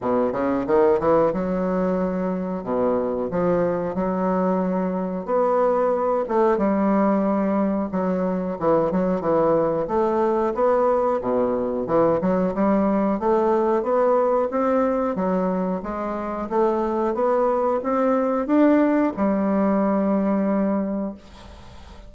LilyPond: \new Staff \with { instrumentName = "bassoon" } { \time 4/4 \tempo 4 = 91 b,8 cis8 dis8 e8 fis2 | b,4 f4 fis2 | b4. a8 g2 | fis4 e8 fis8 e4 a4 |
b4 b,4 e8 fis8 g4 | a4 b4 c'4 fis4 | gis4 a4 b4 c'4 | d'4 g2. | }